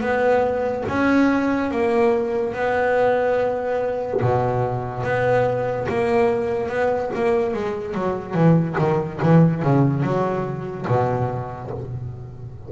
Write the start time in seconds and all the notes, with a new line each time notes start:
0.00 B3
0.88 C#4
1.71 A#3
2.53 B3
4.20 B2
5.03 B3
5.88 A#3
6.69 B3
7.14 A#3
7.53 G#3
7.94 F#3
8.34 E3
8.78 D#3
9.22 E3
9.62 C#3
10.02 F#3
10.87 B2